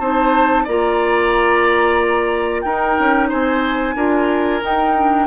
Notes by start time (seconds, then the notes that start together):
0.00 C4 D#4 C5 A5
0.64 A#3 F4 D5 A#5
2.62 D#4 A#4 G5
2.99 C#4
3.29 C4 C5 G#5
3.96 D4 F4 A#4
4.61 D#4 G5
4.97 D4